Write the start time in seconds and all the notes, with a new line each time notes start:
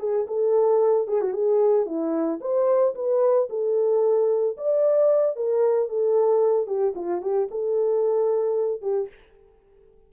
0.00 G#4
0.27 A4
1.08 G#4
1.22 F#4
1.33 G#4
1.86 E4
2.41 C5
2.95 B4
3.50 A4
4.57 D5
5.36 A#4
5.89 A4
6.67 G4
6.96 F4
7.22 G4
7.51 A4
8.82 G4